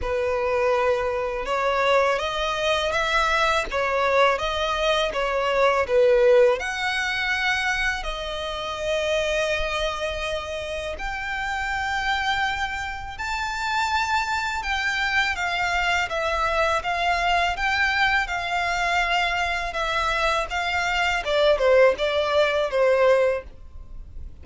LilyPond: \new Staff \with { instrumentName = "violin" } { \time 4/4 \tempo 4 = 82 b'2 cis''4 dis''4 | e''4 cis''4 dis''4 cis''4 | b'4 fis''2 dis''4~ | dis''2. g''4~ |
g''2 a''2 | g''4 f''4 e''4 f''4 | g''4 f''2 e''4 | f''4 d''8 c''8 d''4 c''4 | }